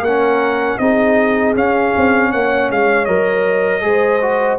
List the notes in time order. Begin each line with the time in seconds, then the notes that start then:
0.00 A#3 A#4 F#5
0.07 C#4
0.78 C4 D#4 G#4 D#5
1.56 C#4 F5
1.97 C4
2.31 A#3 C#5 F#5
2.71 G#3 F5
3.05 F#3 A#4 D#5
3.81 G#3 G#4 C5
4.22 F#4